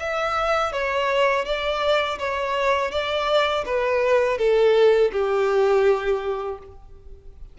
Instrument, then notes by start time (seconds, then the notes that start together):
violin
0.00 E5
0.73 C#5
1.46 D5
2.19 C#5
2.92 D5
3.66 B4
4.38 A4
5.13 G4